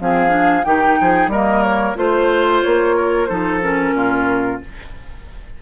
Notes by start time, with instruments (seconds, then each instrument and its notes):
0.00 bassoon F3, clarinet C4, oboe G#4, flute F5
0.29 clarinet D4
0.64 bassoon D#3, clarinet D#4, oboe G4, flute G5
1.01 bassoon F3, oboe G#4
1.27 bassoon G3, clarinet A#3, oboe A#4, flute D#5
1.63 flute C#5
1.96 bassoon A3, clarinet F4, oboe C5, flute C5
2.62 bassoon A#3, flute C#5
2.96 oboe A#4
3.26 bassoon F3, clarinet D#4, oboe A4, flute C5
3.62 clarinet C#4, flute A#4
3.94 bassoon A#2, oboe F4